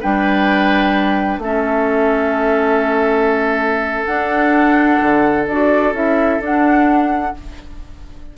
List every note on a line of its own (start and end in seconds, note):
0.00 1.38 G3
0.00 1.41 D4
0.00 1.40 B4
0.00 1.40 G5
1.38 4.06 A3
1.38 4.08 C#4
1.38 7.36 A4
1.38 4.05 E5
4.05 5.00 D4
4.05 5.47 D4
4.05 5.44 F#5
5.01 5.47 D3
5.47 5.92 D4
5.47 5.94 F#4
5.47 5.94 D5
5.92 6.39 C#4
5.92 6.40 E4
5.92 6.42 E5
6.40 7.33 D4
6.40 7.34 D4
6.40 7.37 F#5